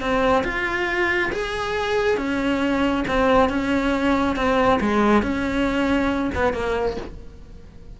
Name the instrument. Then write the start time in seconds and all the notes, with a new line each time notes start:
cello
0.00 C4
0.44 F4
1.32 G#4
2.17 C#4
3.07 C4
3.49 C#4
4.36 C4
4.80 G#3
5.22 C#4
6.35 B3
6.53 A#3